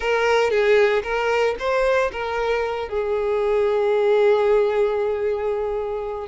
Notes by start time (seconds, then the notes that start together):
0.00 A#4
0.50 G#4
1.03 A#4
1.59 C5
2.12 A#4
2.88 G#4